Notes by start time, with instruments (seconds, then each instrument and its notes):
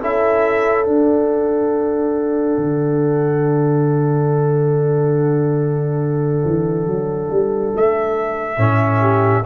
0.00 tuba C#4, trombone E4, horn A4, trumpet E5
0.84 trombone D4, tuba D4, trumpet F#5
2.57 tuba D3
6.44 tuba E3
6.86 tuba F#3
7.30 tuba G3
7.76 tuba A3, trumpet E5
8.57 tuba A2, trombone C#4
9.00 horn G4